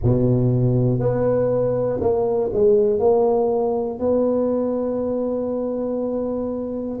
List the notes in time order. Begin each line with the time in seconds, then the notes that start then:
0.03 B2
1.00 B3
2.00 A#3
2.53 G#3
2.99 A#3
3.99 B3